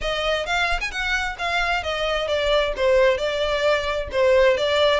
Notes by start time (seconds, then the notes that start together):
0.01 D#5
0.46 F5
0.80 G#5
0.91 F#5
1.38 F5
1.83 D#5
2.27 D5
2.76 C5
3.17 D5
4.11 C5
4.57 D5